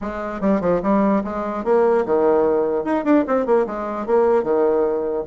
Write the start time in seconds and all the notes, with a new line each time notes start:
0.01 G#3
0.40 G3
0.60 F3
0.82 G3
1.24 G#3
1.64 A#3
2.05 D#3
2.84 D#4
3.04 D4
3.27 C4
3.46 A#3
3.66 G#3
4.06 A#3
4.43 D#3